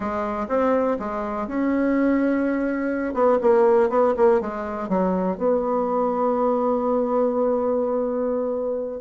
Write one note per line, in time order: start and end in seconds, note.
0.00 0.47 G#3
0.48 0.97 C4
0.99 1.47 G#3
1.47 3.14 C#4
3.14 3.38 B3
3.41 3.89 A#3
3.89 4.14 B3
4.17 4.40 A#3
4.40 4.88 G#3
4.88 5.37 F#3
5.37 9.00 B3